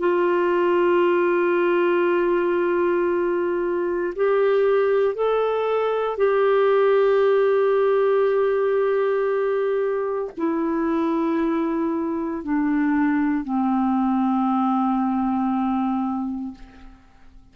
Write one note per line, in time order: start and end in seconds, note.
0.00 4.14 F4
4.16 5.15 G4
5.15 6.18 A4
6.18 10.32 G4
10.37 12.44 E4
12.44 13.45 D4
13.45 16.55 C4